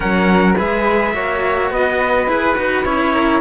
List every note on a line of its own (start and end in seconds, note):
0.00 0.60 F#3
0.00 0.54 C#4
0.00 0.56 A#4
0.00 0.56 F#5
0.56 1.13 G#3
0.56 1.13 G#4
0.56 1.13 B4
0.56 1.72 E5
1.13 1.70 A#3
1.13 2.27 F#4
1.13 1.71 C#5
1.70 2.27 B3
1.70 3.14 B4
1.70 2.29 D#5
2.27 2.55 E4
2.27 2.55 G#4
2.27 2.84 B4
2.55 2.85 D#4
2.55 2.84 F#4
2.84 3.40 C#4
2.84 3.40 E4
2.84 3.40 C#5
3.14 3.40 A#4